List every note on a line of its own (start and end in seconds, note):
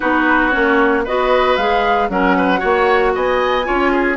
0.00 0.54 B3
0.00 0.51 D#4
0.00 1.04 F#4
0.00 0.49 B4
0.49 1.07 A#3
0.49 1.03 C#4
0.49 1.02 C#5
1.04 1.57 B3
1.04 1.59 F#4
1.04 2.08 B4
1.04 1.56 D#5
1.56 2.09 G#3
1.56 2.09 G#4
1.56 2.08 F5
2.09 2.61 F#3
2.09 2.58 C#4
2.09 2.36 A#4
2.09 3.14 F#5
2.36 2.59 B4
2.58 3.15 A#3
2.58 3.62 F#4
2.58 3.11 C#5
3.15 3.67 B3
3.15 3.66 D#5
3.15 4.17 G#5
3.64 4.17 C#4
3.64 4.16 F4
3.64 3.91 C#5
3.91 4.17 G#4